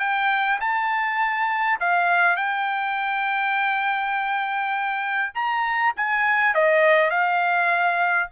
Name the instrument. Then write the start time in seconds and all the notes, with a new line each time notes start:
trumpet
0.00 G5
0.61 A5
1.80 F5
2.37 G5
5.35 A#5
5.97 G#5
6.55 D#5
7.11 F5